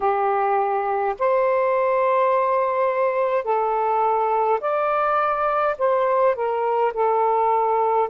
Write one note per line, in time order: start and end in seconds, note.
0.00 1.15 G4
1.19 3.44 C5
3.44 4.59 A4
4.60 5.75 D5
5.78 6.35 C5
6.35 6.92 A#4
6.93 8.09 A4